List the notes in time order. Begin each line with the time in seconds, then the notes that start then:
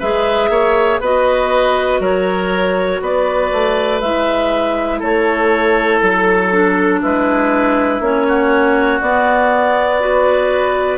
0.00 G#3 G#4 B4 E5
0.50 A#3 C#5
1.01 B3 F#4 B4 D#5
2.00 F#3 A#4 C#5
3.02 B3 B4 D5
3.52 A3
4.01 G#3 E4 E5
5.00 A3 A4 C#5
6.01 F#3 A4
6.53 D4
7.02 G#3 E4 B4
8.00 A#3 C#4 C#5
8.28 F#4
9.01 B3 D5
10.01 F#4 B4